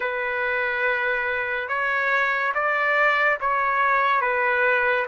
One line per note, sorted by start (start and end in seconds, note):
0.00 1.68 B4
1.68 2.52 C#5
2.54 3.38 D5
3.40 4.21 C#5
4.21 5.06 B4